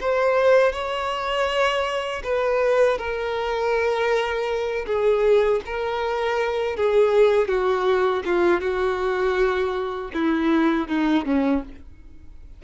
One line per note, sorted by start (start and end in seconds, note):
0.00 0.72 C5
0.72 2.22 C#5
2.23 2.98 B4
2.98 4.85 A#4
4.86 5.61 G#4
5.66 6.76 A#4
6.76 7.48 G#4
7.48 8.23 F#4
8.25 8.61 F4
8.61 10.11 F#4
10.14 10.88 E4
10.88 11.25 D#4
11.25 11.62 C#4